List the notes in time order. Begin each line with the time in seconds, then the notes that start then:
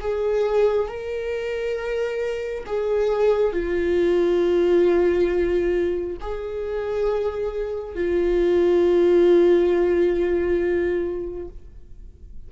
0.00 G#4
0.88 A#4
2.66 G#4
3.53 F4
6.21 G#4
7.95 F4